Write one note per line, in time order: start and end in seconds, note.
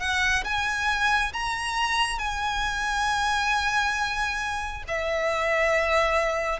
0.00 0.44 F#5
0.44 1.32 G#5
1.33 2.19 A#5
2.19 4.83 G#5
4.88 6.60 E5